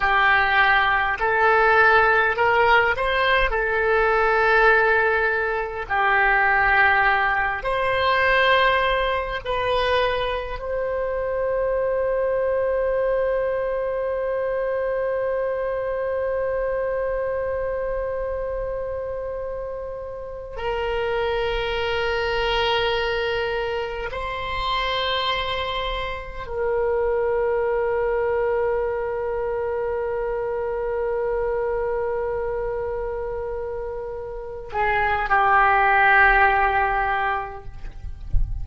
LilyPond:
\new Staff \with { instrumentName = "oboe" } { \time 4/4 \tempo 4 = 51 g'4 a'4 ais'8 c''8 a'4~ | a'4 g'4. c''4. | b'4 c''2.~ | c''1~ |
c''4. ais'2~ ais'8~ | ais'8 c''2 ais'4.~ | ais'1~ | ais'4. gis'8 g'2 | }